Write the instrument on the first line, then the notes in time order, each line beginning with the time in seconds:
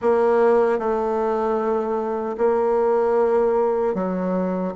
bassoon
0.01 A#3
0.78 A3
2.37 A#3
3.94 F#3